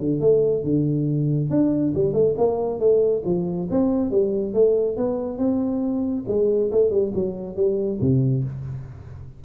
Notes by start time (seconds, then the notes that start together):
0.00 D3
0.21 A3
0.64 D3
1.50 D4
1.95 G3
2.14 A3
2.38 A#3
2.80 A3
3.26 F3
3.71 C4
4.11 G3
4.54 A3
4.97 B3
5.38 C4
6.28 G#3
6.72 A3
6.91 G3
7.15 F#3
7.57 G3
8.01 C3